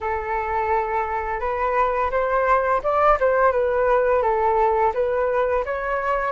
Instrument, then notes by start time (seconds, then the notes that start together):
flute
0.01 A4
1.40 B4
2.10 C5
2.83 D5
3.20 C5
3.52 B4
4.22 A4
4.93 B4
5.65 C#5